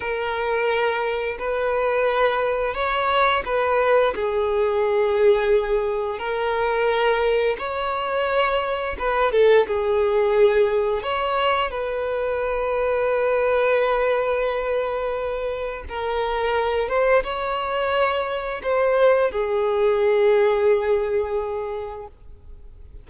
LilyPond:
\new Staff \with { instrumentName = "violin" } { \time 4/4 \tempo 4 = 87 ais'2 b'2 | cis''4 b'4 gis'2~ | gis'4 ais'2 cis''4~ | cis''4 b'8 a'8 gis'2 |
cis''4 b'2.~ | b'2. ais'4~ | ais'8 c''8 cis''2 c''4 | gis'1 | }